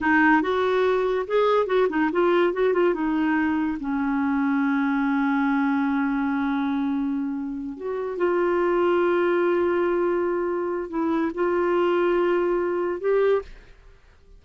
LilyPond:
\new Staff \with { instrumentName = "clarinet" } { \time 4/4 \tempo 4 = 143 dis'4 fis'2 gis'4 | fis'8 dis'8 f'4 fis'8 f'8 dis'4~ | dis'4 cis'2.~ | cis'1~ |
cis'2~ cis'8 fis'4 f'8~ | f'1~ | f'2 e'4 f'4~ | f'2. g'4 | }